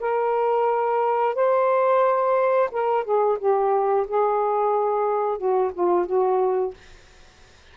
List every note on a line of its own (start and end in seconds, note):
0.00 1.35 A#4
1.35 2.70 C5
2.72 3.04 A#4
3.04 3.38 G#4
3.39 4.06 G4
4.08 5.38 G#4
5.38 5.72 F#4
5.74 6.06 F4
6.06 6.74 F#4